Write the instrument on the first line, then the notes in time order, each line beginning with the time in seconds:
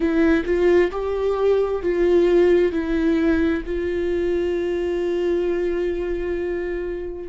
viola
0.00 E4
0.45 F4
0.91 G4
1.82 F4
2.71 E4
3.65 F4